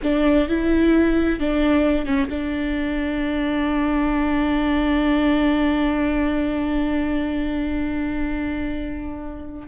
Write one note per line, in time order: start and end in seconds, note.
0.02 0.48 D4
0.48 1.39 E4
1.39 2.05 D4
2.05 2.28 C#4
2.29 9.67 D4